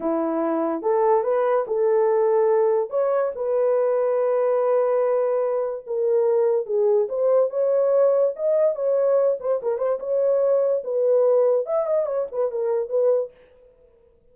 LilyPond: \new Staff \with { instrumentName = "horn" } { \time 4/4 \tempo 4 = 144 e'2 a'4 b'4 | a'2. cis''4 | b'1~ | b'2 ais'2 |
gis'4 c''4 cis''2 | dis''4 cis''4. c''8 ais'8 c''8 | cis''2 b'2 | e''8 dis''8 cis''8 b'8 ais'4 b'4 | }